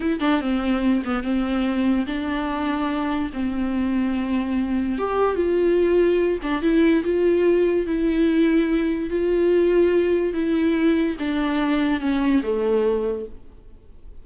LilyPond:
\new Staff \with { instrumentName = "viola" } { \time 4/4 \tempo 4 = 145 e'8 d'8 c'4. b8 c'4~ | c'4 d'2. | c'1 | g'4 f'2~ f'8 d'8 |
e'4 f'2 e'4~ | e'2 f'2~ | f'4 e'2 d'4~ | d'4 cis'4 a2 | }